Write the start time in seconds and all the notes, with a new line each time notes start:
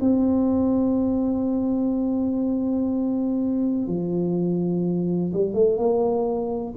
0.00 C4
3.87 F3
5.33 G3
5.53 A3
5.77 A#3